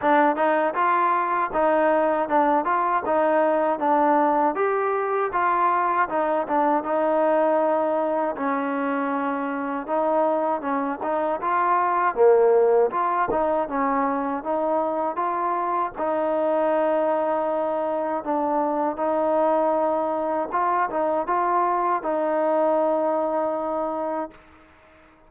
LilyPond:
\new Staff \with { instrumentName = "trombone" } { \time 4/4 \tempo 4 = 79 d'8 dis'8 f'4 dis'4 d'8 f'8 | dis'4 d'4 g'4 f'4 | dis'8 d'8 dis'2 cis'4~ | cis'4 dis'4 cis'8 dis'8 f'4 |
ais4 f'8 dis'8 cis'4 dis'4 | f'4 dis'2. | d'4 dis'2 f'8 dis'8 | f'4 dis'2. | }